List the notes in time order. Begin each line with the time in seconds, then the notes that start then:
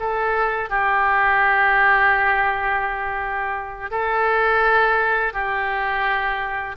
0.00 A4
0.70 G4
3.91 A4
5.33 G4